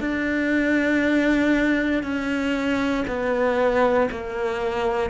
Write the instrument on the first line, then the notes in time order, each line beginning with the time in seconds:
cello
0.00 D4
2.03 C#4
3.07 B3
4.11 A#3